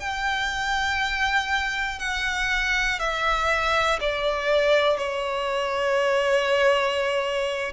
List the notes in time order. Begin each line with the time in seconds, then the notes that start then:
0.00 G5
2.00 F#5
2.99 E5
4.00 D5
4.98 C#5